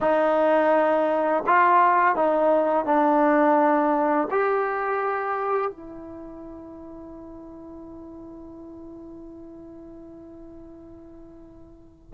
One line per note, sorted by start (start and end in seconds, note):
0.00 1.43 D#4
1.46 2.15 F4
2.15 2.85 D#4
2.85 4.28 D4
4.31 5.70 G4
5.70 12.13 E4